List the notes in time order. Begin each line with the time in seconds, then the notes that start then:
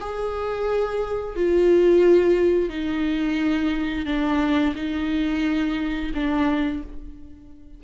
0.00 G#4
1.35 F4
2.69 D#4
4.06 D4
4.75 D#4
6.14 D4